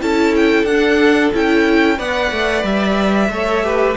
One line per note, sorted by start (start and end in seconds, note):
0.00 0.63 C#4
0.00 0.66 E4
0.00 1.98 A4
0.00 0.35 A5
0.36 0.65 G5
0.63 1.29 D4
0.63 1.31 F#5
0.71 1.34 D4
1.34 1.99 C#4
1.34 1.97 E4
1.34 1.99 G5
1.97 2.31 B3
1.97 3.29 B4
1.97 3.29 D5
1.97 2.65 F#5
2.31 2.63 A3
2.63 3.29 G3
2.63 3.96 E5
3.29 3.95 A3
3.29 3.63 A4
3.29 3.65 C#5
3.63 3.96 G4
3.63 3.96 B4